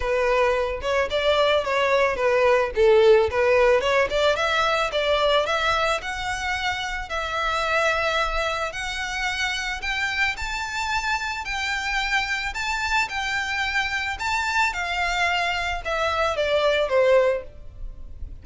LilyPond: \new Staff \with { instrumentName = "violin" } { \time 4/4 \tempo 4 = 110 b'4. cis''8 d''4 cis''4 | b'4 a'4 b'4 cis''8 d''8 | e''4 d''4 e''4 fis''4~ | fis''4 e''2. |
fis''2 g''4 a''4~ | a''4 g''2 a''4 | g''2 a''4 f''4~ | f''4 e''4 d''4 c''4 | }